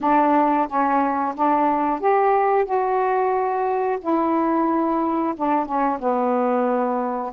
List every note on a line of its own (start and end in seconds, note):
0.00 0.67 D4
0.67 1.34 C#4
1.35 2.00 D4
2.00 2.65 G4
2.65 3.98 F#4
4.01 5.34 E4
5.36 5.65 D4
5.65 5.98 C#4
5.99 7.32 B3